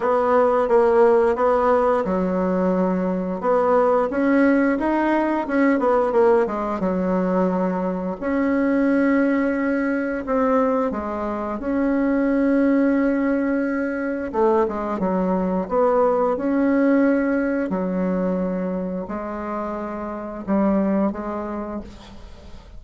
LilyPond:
\new Staff \with { instrumentName = "bassoon" } { \time 4/4 \tempo 4 = 88 b4 ais4 b4 fis4~ | fis4 b4 cis'4 dis'4 | cis'8 b8 ais8 gis8 fis2 | cis'2. c'4 |
gis4 cis'2.~ | cis'4 a8 gis8 fis4 b4 | cis'2 fis2 | gis2 g4 gis4 | }